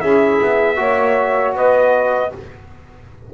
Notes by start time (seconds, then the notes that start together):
0.00 C#4 E4 G#4 E5
0.42 B3
0.76 A#3 F#4 C#5
1.54 B3 B4 D#5